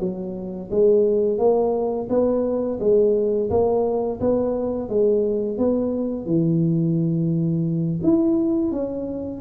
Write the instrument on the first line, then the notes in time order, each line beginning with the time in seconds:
tuba
0.00 F#3
0.71 G#3
1.39 A#3
2.09 B3
2.80 G#3
3.50 A#3
4.21 B3
4.89 G#3
5.58 B3
6.26 E3
8.03 E4
8.72 C#4